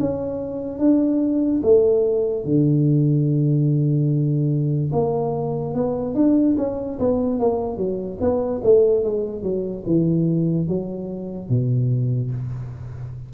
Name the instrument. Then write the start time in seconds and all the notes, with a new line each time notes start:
tuba
0.00 C#4
0.79 D4
1.63 A3
2.45 D3
4.92 A#3
5.74 B3
6.15 D4
6.58 C#4
6.99 B3
7.39 A#3
7.77 F#3
8.21 B3
8.64 A3
9.04 G#3
9.43 F#3
9.86 E3
10.68 F#3
11.49 B2